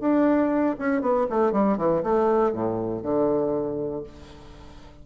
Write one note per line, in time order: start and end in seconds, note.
0.00 0.76 D4
0.78 1.01 C#4
1.01 1.26 B3
1.29 1.52 A3
1.52 1.77 G3
1.77 2.02 E3
2.03 2.52 A3
2.52 3.02 A2
3.02 4.03 D3